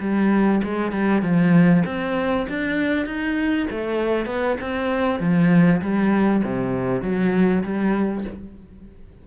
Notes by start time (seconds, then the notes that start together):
0.00 G3
0.63 G#3
0.92 G3
1.22 F3
1.85 C4
2.49 D4
3.06 D#4
3.70 A3
4.26 B3
4.61 C4
5.20 F3
5.81 G3
6.44 C3
7.02 F#3
7.63 G3